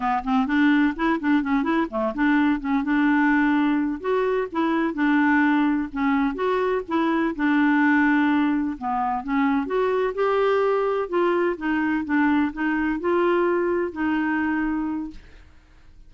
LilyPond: \new Staff \with { instrumentName = "clarinet" } { \time 4/4 \tempo 4 = 127 b8 c'8 d'4 e'8 d'8 cis'8 e'8 | a8 d'4 cis'8 d'2~ | d'8 fis'4 e'4 d'4.~ | d'8 cis'4 fis'4 e'4 d'8~ |
d'2~ d'8 b4 cis'8~ | cis'8 fis'4 g'2 f'8~ | f'8 dis'4 d'4 dis'4 f'8~ | f'4. dis'2~ dis'8 | }